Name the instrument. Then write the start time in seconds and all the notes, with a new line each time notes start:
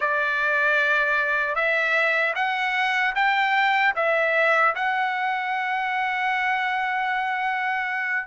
trumpet
0.00 D5
1.55 E5
2.35 F#5
3.15 G5
3.95 E5
4.75 F#5